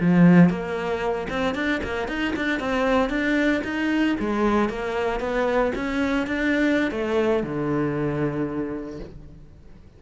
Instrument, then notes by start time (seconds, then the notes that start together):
cello
0.00 F3
0.49 A#3
1.29 C4
1.54 D4
1.84 A#3
2.08 D#4
2.36 D4
2.59 C4
3.09 D4
3.64 D#4
4.20 G#3
4.69 A#3
5.20 B3
5.75 C#4
6.27 D4
6.91 A3
7.43 D3